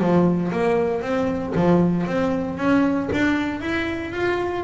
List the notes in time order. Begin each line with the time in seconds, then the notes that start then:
0.00 F3
0.52 A#3
1.02 C4
1.55 F3
2.07 C4
2.58 C#4
3.13 D4
3.61 E4
4.12 F4